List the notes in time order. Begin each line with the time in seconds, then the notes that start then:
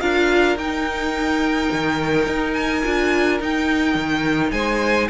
0.00 D4 F4 A#4 F5
0.56 D#4 G5
1.72 D#3
2.26 D#4
2.53 G#5
2.84 D4 F4
3.40 D#4 G5
3.94 D#3
4.51 G#3 C5 G#5